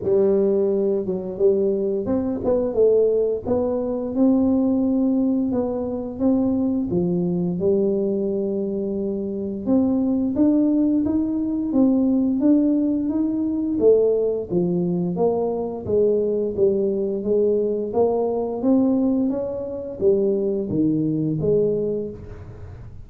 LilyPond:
\new Staff \with { instrumentName = "tuba" } { \time 4/4 \tempo 4 = 87 g4. fis8 g4 c'8 b8 | a4 b4 c'2 | b4 c'4 f4 g4~ | g2 c'4 d'4 |
dis'4 c'4 d'4 dis'4 | a4 f4 ais4 gis4 | g4 gis4 ais4 c'4 | cis'4 g4 dis4 gis4 | }